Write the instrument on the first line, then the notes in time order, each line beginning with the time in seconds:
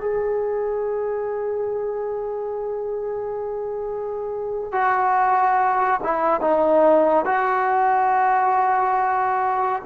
trombone
0.00 G#4
4.71 F#4
6.03 E4
6.41 D#4
7.25 F#4